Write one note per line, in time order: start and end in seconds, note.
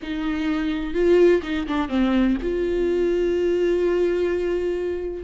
0.02 0.94 D#4
0.94 1.41 F4
1.43 1.66 D#4
1.67 1.89 D4
1.89 2.36 C4
2.42 5.23 F4